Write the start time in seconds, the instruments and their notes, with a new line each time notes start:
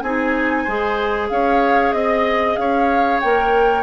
0.00 bassoon C4, clarinet D#4, oboe G#4, flute G#5
0.64 bassoon G#3, clarinet G#4, oboe C5
1.30 bassoon C#4, oboe C#5, flute F5
1.93 bassoon C4, flute D#5, oboe D#5
2.57 bassoon C#4, oboe C#5, flute F5
3.20 bassoon A#3, clarinet A#4, flute G5